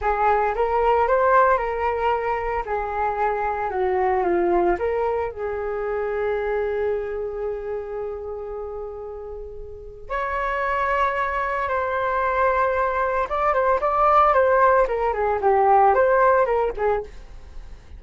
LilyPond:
\new Staff \with { instrumentName = "flute" } { \time 4/4 \tempo 4 = 113 gis'4 ais'4 c''4 ais'4~ | ais'4 gis'2 fis'4 | f'4 ais'4 gis'2~ | gis'1~ |
gis'2. cis''4~ | cis''2 c''2~ | c''4 d''8 c''8 d''4 c''4 | ais'8 gis'8 g'4 c''4 ais'8 gis'8 | }